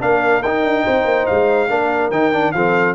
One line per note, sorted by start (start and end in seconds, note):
0.00 0.44 A#3
0.00 0.42 D4
0.00 0.84 A#4
0.00 0.42 F5
0.42 0.62 D#4
0.42 1.69 D#4
0.42 1.26 G5
0.62 0.84 D4
0.84 1.05 C4
0.84 1.68 C5
1.05 1.26 A#3
1.26 1.69 G#3
1.26 2.11 F5
1.69 2.10 A#3
1.69 2.11 D4
1.69 2.54 A#4
2.10 2.53 D#3
2.10 2.33 D#4
2.10 2.52 G5
2.33 2.54 D4
2.52 2.95 F3
2.52 2.95 C4
2.52 2.95 A4
2.52 2.94 F5